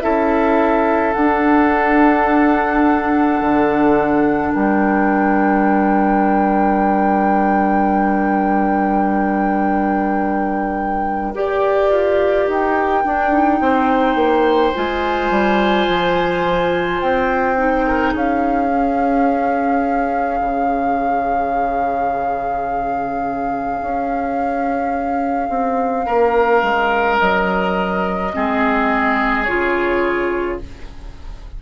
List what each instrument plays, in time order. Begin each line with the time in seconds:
0.00 bassoon C#4, clarinet E4, oboe A4, flute E5
1.13 bassoon D4, clarinet D4, flute F#5
3.41 bassoon D3
4.52 bassoon G3, oboe A#4, flute G5
11.34 bassoon G4, clarinet G4, flute D5
11.90 bassoon F4
12.47 bassoon D#4, flute G5
13.04 clarinet D4, bassoon D4
13.31 clarinet D#4
13.60 bassoon C4, oboe C5
14.15 bassoon A#3
14.74 bassoon G#3, clarinet F4, flute G#5
15.30 bassoon G3
15.87 bassoon F3
17.00 bassoon C4, flute G5
17.56 clarinet D#4
17.87 oboe A#4
18.12 bassoon C#4, oboe G#4, flute F5
18.67 clarinet C#4
20.40 bassoon C#3
23.81 bassoon C#4
25.49 bassoon C4
26.05 bassoon A#3, oboe A#4
26.62 bassoon G#3
27.18 bassoon F#3, flute D#5
28.33 bassoon G#3, clarinet C4, oboe G#4
29.43 bassoon C#3, clarinet F4, flute C#5